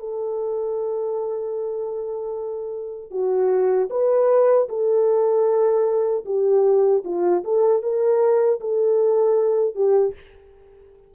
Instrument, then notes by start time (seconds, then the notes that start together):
horn
0.00 A4
3.11 F#4
3.91 B4
4.69 A4
6.26 G4
7.05 F4
7.45 A4
7.83 A#4
8.61 A4
9.75 G4